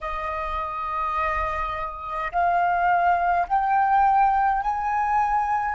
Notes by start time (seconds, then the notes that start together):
0.00 D#5
2.31 F5
3.47 G5
4.62 G#5